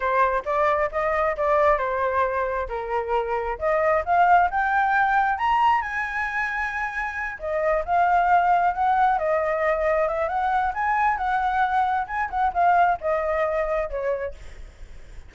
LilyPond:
\new Staff \with { instrumentName = "flute" } { \time 4/4 \tempo 4 = 134 c''4 d''4 dis''4 d''4 | c''2 ais'2 | dis''4 f''4 g''2 | ais''4 gis''2.~ |
gis''8 dis''4 f''2 fis''8~ | fis''8 dis''2 e''8 fis''4 | gis''4 fis''2 gis''8 fis''8 | f''4 dis''2 cis''4 | }